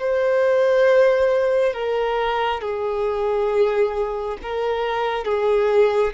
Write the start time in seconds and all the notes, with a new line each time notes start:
0.00 C5
1.74 A#4
2.62 G#4
4.43 A#4
5.25 G#4